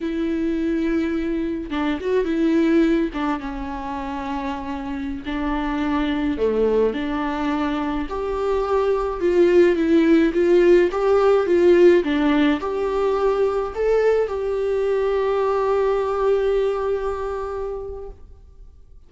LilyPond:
\new Staff \with { instrumentName = "viola" } { \time 4/4 \tempo 4 = 106 e'2. d'8 fis'8 | e'4. d'8 cis'2~ | cis'4~ cis'16 d'2 a8.~ | a16 d'2 g'4.~ g'16~ |
g'16 f'4 e'4 f'4 g'8.~ | g'16 f'4 d'4 g'4.~ g'16~ | g'16 a'4 g'2~ g'8.~ | g'1 | }